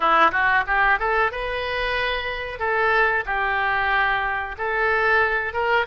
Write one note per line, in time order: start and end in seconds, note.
0.00 0.31 E4
0.31 0.64 F#4
0.66 0.99 G4
0.99 1.31 A4
1.31 2.59 B4
2.59 3.24 A4
3.25 4.56 G4
4.58 5.53 A4
5.53 5.85 A#4